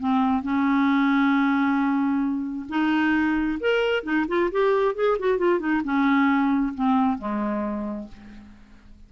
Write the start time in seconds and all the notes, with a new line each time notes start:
0.00 C4
0.43 C#4
2.69 D#4
3.61 A#4
4.04 D#4
4.28 F4
4.52 G4
4.95 G#4
5.19 F#4
5.39 F4
5.60 D#4
5.85 C#4
6.75 C4
7.19 G#3